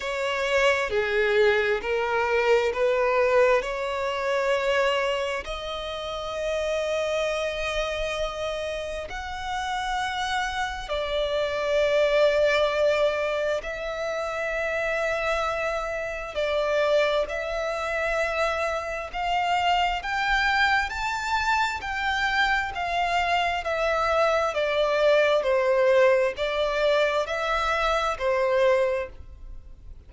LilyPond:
\new Staff \with { instrumentName = "violin" } { \time 4/4 \tempo 4 = 66 cis''4 gis'4 ais'4 b'4 | cis''2 dis''2~ | dis''2 fis''2 | d''2. e''4~ |
e''2 d''4 e''4~ | e''4 f''4 g''4 a''4 | g''4 f''4 e''4 d''4 | c''4 d''4 e''4 c''4 | }